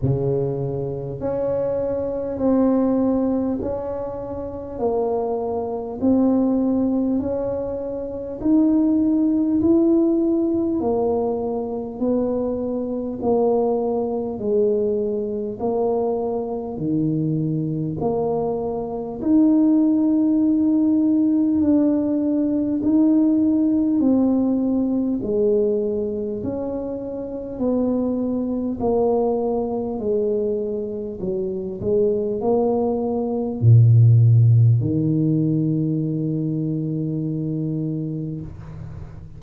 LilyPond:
\new Staff \with { instrumentName = "tuba" } { \time 4/4 \tempo 4 = 50 cis4 cis'4 c'4 cis'4 | ais4 c'4 cis'4 dis'4 | e'4 ais4 b4 ais4 | gis4 ais4 dis4 ais4 |
dis'2 d'4 dis'4 | c'4 gis4 cis'4 b4 | ais4 gis4 fis8 gis8 ais4 | ais,4 dis2. | }